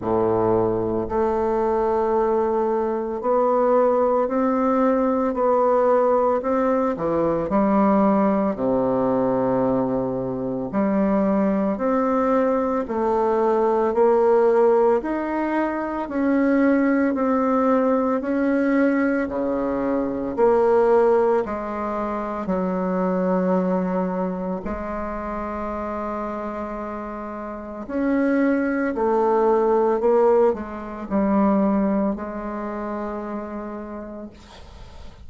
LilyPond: \new Staff \with { instrumentName = "bassoon" } { \time 4/4 \tempo 4 = 56 a,4 a2 b4 | c'4 b4 c'8 e8 g4 | c2 g4 c'4 | a4 ais4 dis'4 cis'4 |
c'4 cis'4 cis4 ais4 | gis4 fis2 gis4~ | gis2 cis'4 a4 | ais8 gis8 g4 gis2 | }